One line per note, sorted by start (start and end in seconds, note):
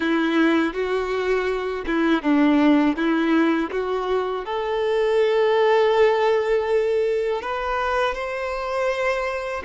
0.00 0.73 E4
0.73 1.84 F#4
1.86 2.22 E4
2.22 2.96 D4
2.96 3.70 E4
3.71 4.45 F#4
4.45 7.41 A4
7.41 8.14 B4
8.14 9.62 C5